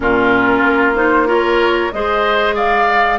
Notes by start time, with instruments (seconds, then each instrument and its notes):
0.00 bassoon A#2, clarinet C#4, oboe F4, flute A#4
0.62 bassoon A#3
0.95 clarinet D#4, flute C5
1.27 clarinet F4, oboe A#4, flute C#5
1.92 bassoon G#3, clarinet G#4, oboe C5, flute D#5
2.55 oboe D5, flute F5